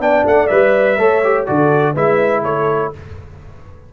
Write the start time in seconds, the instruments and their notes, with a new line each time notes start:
0.00 tuba B3, trombone D4, horn D5, trumpet G5
0.25 tuba A3, trumpet F#5
0.47 tuba G3, trombone B4, trumpet E5
0.98 tuba A3, trombone A4, horn C#5
1.24 trombone G4
1.46 tuba D3, trombone F#4, horn A4, trumpet D5
1.94 tuba G#3, trombone E4, horn B4, trumpet E5
2.43 tuba A3, horn A4, trumpet C#5